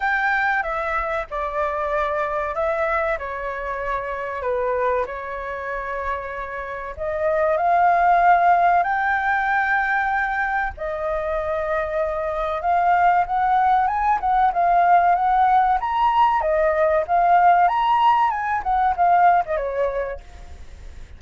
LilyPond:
\new Staff \with { instrumentName = "flute" } { \time 4/4 \tempo 4 = 95 g''4 e''4 d''2 | e''4 cis''2 b'4 | cis''2. dis''4 | f''2 g''2~ |
g''4 dis''2. | f''4 fis''4 gis''8 fis''8 f''4 | fis''4 ais''4 dis''4 f''4 | ais''4 gis''8 fis''8 f''8. dis''16 cis''4 | }